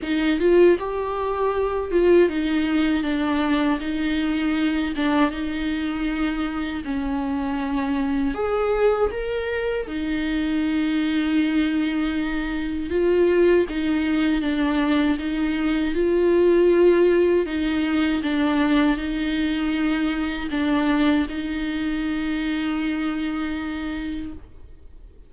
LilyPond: \new Staff \with { instrumentName = "viola" } { \time 4/4 \tempo 4 = 79 dis'8 f'8 g'4. f'8 dis'4 | d'4 dis'4. d'8 dis'4~ | dis'4 cis'2 gis'4 | ais'4 dis'2.~ |
dis'4 f'4 dis'4 d'4 | dis'4 f'2 dis'4 | d'4 dis'2 d'4 | dis'1 | }